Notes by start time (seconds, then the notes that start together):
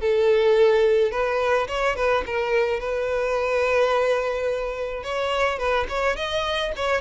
0.00 A4
1.11 B4
1.68 C#5
1.96 B4
2.26 A#4
2.80 B4
5.03 C#5
5.58 B4
5.89 C#5
6.16 D#5
6.76 C#5